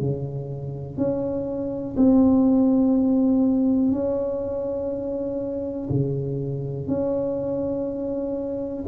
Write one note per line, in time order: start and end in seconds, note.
0.00 0.97 C#3
0.97 1.95 C#4
1.97 3.92 C4
3.92 5.89 C#4
5.90 6.88 C#3
6.88 8.84 C#4